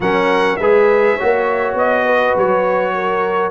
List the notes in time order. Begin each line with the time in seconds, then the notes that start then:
0.00 F#3 C#4 A#4 F#5
0.56 G#3 G#4 B4 E5
1.16 A#3 F#4 C#5
1.74 B3 D#5
2.05 B4
2.36 F#3 C#5
2.94 A#4